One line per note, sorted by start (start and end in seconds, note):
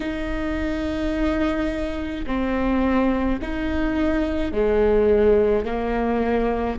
0.00 2.25 D#4
2.26 3.39 C4
3.41 4.52 D#4
4.52 5.65 G#3
5.65 6.78 A#3